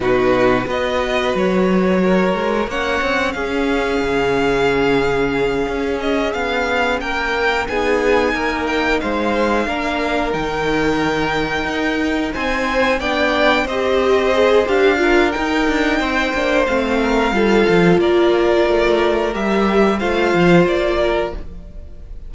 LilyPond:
<<
  \new Staff \with { instrumentName = "violin" } { \time 4/4 \tempo 4 = 90 b'4 dis''4 cis''2 | fis''4 f''2.~ | f''4 dis''8 f''4 g''4 gis''8~ | gis''4 g''8 f''2 g''8~ |
g''2~ g''8 gis''4 g''8~ | g''8 dis''4. f''4 g''4~ | g''4 f''2 d''4~ | d''4 e''4 f''4 d''4 | }
  \new Staff \with { instrumentName = "violin" } { \time 4/4 fis'4 b'2 ais'4 | cis''4 gis'2.~ | gis'2~ gis'8 ais'4 gis'8~ | gis'8 ais'4 c''4 ais'4.~ |
ais'2~ ais'8 c''4 d''8~ | d''8 c''2 ais'4. | c''4. ais'8 a'4 ais'4~ | ais'2 c''4. ais'8 | }
  \new Staff \with { instrumentName = "viola" } { \time 4/4 dis'4 fis'2. | cis'1~ | cis'2.~ cis'8 dis'8~ | dis'2~ dis'8 d'4 dis'8~ |
dis'2.~ dis'8 d'8~ | d'8 g'4 gis'8 g'8 f'8 dis'4~ | dis'8 d'8 c'4 f'2~ | f'4 g'4 f'2 | }
  \new Staff \with { instrumentName = "cello" } { \time 4/4 b,4 b4 fis4. gis8 | ais8 c'8 cis'4 cis2~ | cis8 cis'4 b4 ais4 b8~ | b8 ais4 gis4 ais4 dis8~ |
dis4. dis'4 c'4 b8~ | b8 c'4. d'4 dis'8 d'8 | c'8 ais8 a4 g8 f8 ais4 | a4 g4 a8 f8 ais4 | }
>>